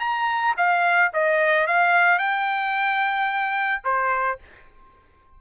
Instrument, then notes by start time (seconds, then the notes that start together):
trumpet
0.00 A#5
0.57 F5
1.14 D#5
1.67 F5
2.19 G5
3.84 C5